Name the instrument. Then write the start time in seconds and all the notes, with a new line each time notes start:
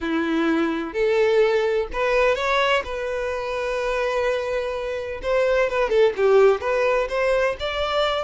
violin
0.01 E4
0.93 A4
1.92 B4
2.35 C#5
2.84 B4
5.22 C5
5.69 B4
5.89 A4
6.16 G4
6.61 B4
7.08 C5
7.59 D5